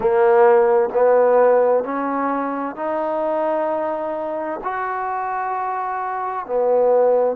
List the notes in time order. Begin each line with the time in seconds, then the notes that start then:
0.00 A#3
0.93 B3
1.83 C#4
2.75 D#4
4.63 F#4
6.46 B3